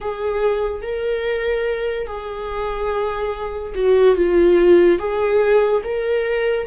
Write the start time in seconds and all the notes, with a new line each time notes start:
0.00 G#4
0.82 A#4
2.06 G#4
3.75 F#4
4.16 F4
4.98 G#4
5.83 A#4